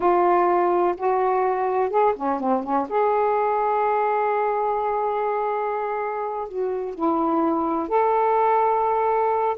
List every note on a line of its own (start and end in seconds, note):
0.00 0.95 F4
0.97 1.90 F#4
1.90 2.14 G#4
2.16 2.40 C#4
2.40 2.63 C4
2.63 2.87 C#4
2.89 6.48 G#4
6.48 6.94 F#4
6.94 7.88 E4
7.88 9.56 A4